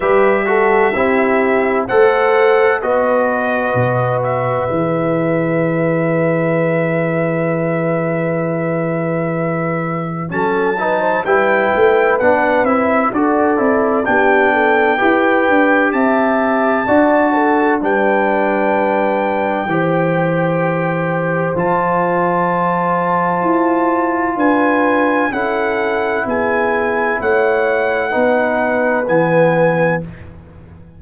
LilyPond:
<<
  \new Staff \with { instrumentName = "trumpet" } { \time 4/4 \tempo 4 = 64 e''2 fis''4 dis''4~ | dis''8 e''2.~ e''8~ | e''2. a''4 | g''4 fis''8 e''8 d''4 g''4~ |
g''4 a''2 g''4~ | g''2. a''4~ | a''2 gis''4 fis''4 | gis''4 fis''2 gis''4 | }
  \new Staff \with { instrumentName = "horn" } { \time 4/4 b'8 a'8 g'4 c''4 b'4~ | b'1~ | b'2. a'8 b'16 c''16 | b'2 a'4 g'8 a'8 |
b'4 e''4 d''8 a'8 b'4~ | b'4 c''2.~ | c''2 b'4 a'4 | gis'4 cis''4 b'2 | }
  \new Staff \with { instrumentName = "trombone" } { \time 4/4 g'8 fis'8 e'4 a'4 fis'4~ | fis'4 gis'2.~ | gis'2. cis'8 dis'8 | e'4 d'8 e'8 fis'8 e'8 d'4 |
g'2 fis'4 d'4~ | d'4 g'2 f'4~ | f'2. e'4~ | e'2 dis'4 b4 | }
  \new Staff \with { instrumentName = "tuba" } { \time 4/4 g4 c'4 a4 b4 | b,4 e2.~ | e2. fis4 | g8 a8 b8 c'8 d'8 c'8 b4 |
e'8 d'8 c'4 d'4 g4~ | g4 e2 f4~ | f4 e'4 d'4 cis'4 | b4 a4 b4 e4 | }
>>